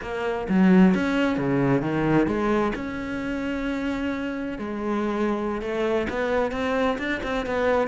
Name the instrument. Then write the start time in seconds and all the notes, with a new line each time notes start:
cello
0.01 A#3
0.49 F#3
0.94 C#4
1.37 C#3
1.81 D#3
2.26 G#3
2.75 C#4
4.58 G#3
5.61 A3
6.09 B3
6.51 C4
6.98 D4
7.23 C4
7.46 B3